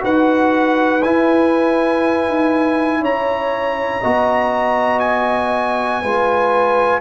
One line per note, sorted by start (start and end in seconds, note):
0.00 1.04 D#4
0.00 1.00 F#4
0.00 3.01 B4
0.00 1.03 F#5
1.03 2.28 E4
1.03 4.03 E4
1.03 3.03 G#5
2.28 3.01 D#4
3.01 4.01 C#4
3.01 4.01 C#5
3.01 4.99 A#5
4.01 6.03 B3
4.01 6.03 F#4
4.01 6.01 D#5
4.99 6.99 G#5
6.01 7.00 G#3
6.01 7.00 F4
6.01 7.00 B4